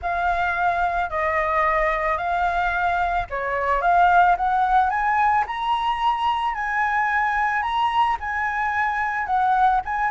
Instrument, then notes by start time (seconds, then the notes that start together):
flute
0.02 F5
1.10 D#5
2.17 F5
3.30 C#5
3.81 F5
4.36 F#5
4.90 G#5
5.47 A#5
6.54 G#5
7.62 A#5
8.20 G#5
9.26 F#5
9.85 G#5